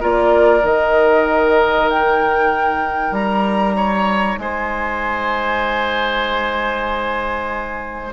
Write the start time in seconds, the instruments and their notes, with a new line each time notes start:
0.00 bassoon A#3, clarinet F4, oboe A#4, flute D5
0.61 bassoon D#3, clarinet D#4, flute D#5
1.89 flute G5
3.11 bassoon G3, flute A#5
3.76 oboe C#5
4.38 bassoon G#3, oboe C5, flute G#5